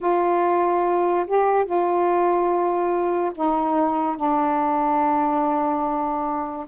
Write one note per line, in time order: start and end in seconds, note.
0.01 1.26 F4
1.27 1.65 G4
1.65 3.31 F4
3.35 4.16 D#4
4.16 6.66 D4